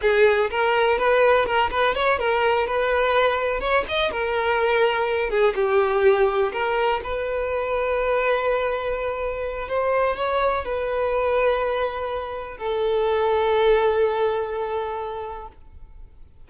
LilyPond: \new Staff \with { instrumentName = "violin" } { \time 4/4 \tempo 4 = 124 gis'4 ais'4 b'4 ais'8 b'8 | cis''8 ais'4 b'2 cis''8 | dis''8 ais'2~ ais'8 gis'8 g'8~ | g'4. ais'4 b'4.~ |
b'1 | c''4 cis''4 b'2~ | b'2 a'2~ | a'1 | }